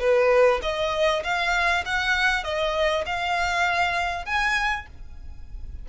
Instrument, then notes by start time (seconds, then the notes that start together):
violin
0.00 B4
0.63 D#5
1.24 F5
1.86 F#5
2.44 D#5
3.06 F5
4.26 G#5